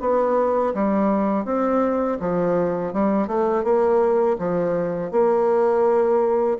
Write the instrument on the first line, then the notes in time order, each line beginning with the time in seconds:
bassoon
0.00 B3
0.74 G3
1.45 C4
2.20 F3
2.93 G3
3.27 A3
3.64 A#3
4.38 F3
5.11 A#3